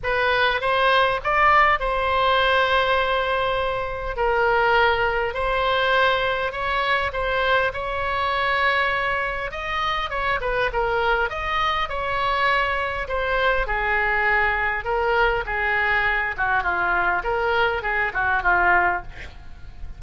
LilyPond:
\new Staff \with { instrumentName = "oboe" } { \time 4/4 \tempo 4 = 101 b'4 c''4 d''4 c''4~ | c''2. ais'4~ | ais'4 c''2 cis''4 | c''4 cis''2. |
dis''4 cis''8 b'8 ais'4 dis''4 | cis''2 c''4 gis'4~ | gis'4 ais'4 gis'4. fis'8 | f'4 ais'4 gis'8 fis'8 f'4 | }